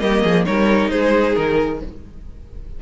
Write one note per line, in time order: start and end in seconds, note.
0.00 0.24 G3
0.00 0.46 A#3
0.00 0.24 G4
0.00 0.45 D#5
0.24 0.47 F3
0.24 0.46 G#4
0.46 0.91 G3
0.46 1.80 D#4
0.46 0.91 A#4
0.46 0.90 C#5
0.90 1.36 G#3
0.90 1.81 G#4
0.90 1.35 C5
1.35 1.82 D#3
1.35 1.79 A#4